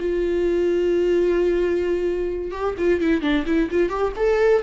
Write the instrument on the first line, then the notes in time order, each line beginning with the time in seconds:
viola
0.00 F4
2.52 G4
2.78 F4
3.01 E4
3.22 D4
3.47 E4
3.72 F4
3.90 G4
4.16 A4